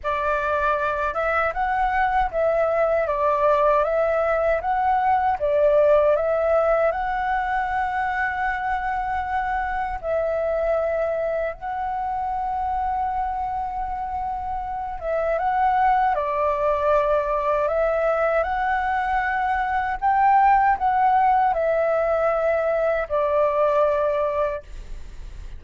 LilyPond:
\new Staff \with { instrumentName = "flute" } { \time 4/4 \tempo 4 = 78 d''4. e''8 fis''4 e''4 | d''4 e''4 fis''4 d''4 | e''4 fis''2.~ | fis''4 e''2 fis''4~ |
fis''2.~ fis''8 e''8 | fis''4 d''2 e''4 | fis''2 g''4 fis''4 | e''2 d''2 | }